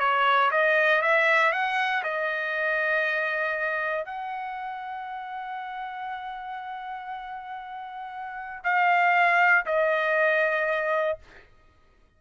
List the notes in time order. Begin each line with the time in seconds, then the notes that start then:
0.00 C#5
0.51 D#5
1.02 E5
1.53 F#5
2.04 D#5
4.06 F#5
8.64 F5
9.66 D#5